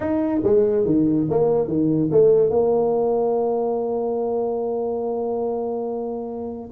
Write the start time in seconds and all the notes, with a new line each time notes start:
0.00 D#4
0.43 G#3
0.85 D#3
1.29 A#3
1.67 D#3
2.11 A3
2.49 A#3